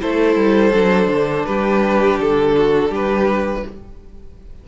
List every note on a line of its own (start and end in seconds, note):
0.00 0.36 A3
0.00 0.73 E4
0.00 1.46 A4
0.00 1.46 C5
0.36 0.72 G3
0.73 1.08 F#3
0.73 3.66 D4
1.08 1.44 D3
1.46 2.19 G3
1.46 2.56 G4
1.46 2.19 B4
2.19 2.90 D3
2.19 2.94 A4
2.56 2.89 F#4
2.89 3.63 G3
2.89 3.63 G4
2.89 3.68 B4